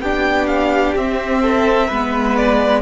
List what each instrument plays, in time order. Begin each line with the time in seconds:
0.00 cello B3, viola D4, violin G4 G5
0.47 violin F5
0.95 cello C4, viola C4, violin E5
1.42 violin A4
1.88 cello G#3, viola B3, violin B4
2.36 violin D5